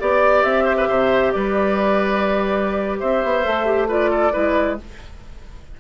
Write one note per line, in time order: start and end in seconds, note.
0.00 0.44 B3
0.00 3.44 G4
0.00 0.64 D5
0.00 0.43 D5
0.43 0.88 C4
0.43 1.32 E5
0.64 0.75 C5
0.77 0.88 B4
0.88 1.34 C3
0.88 1.33 C5
1.32 3.02 G3
1.32 2.99 B4
1.32 2.99 D5
2.99 3.24 C4
2.99 3.88 C5
2.99 3.89 E5
3.24 3.46 B3
3.44 4.34 A3
3.44 3.65 A4
3.65 3.88 G4
3.88 4.32 F4
3.88 4.10 B4
3.88 4.80 D5
4.10 4.32 A4
4.32 4.80 G#3
4.32 4.76 E4
4.32 4.77 B4